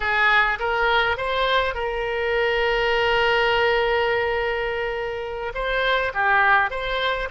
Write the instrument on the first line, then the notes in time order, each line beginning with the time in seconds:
oboe
0.00 G#4
0.59 A#4
1.17 C5
1.74 A#4
5.54 C5
6.14 G4
6.70 C5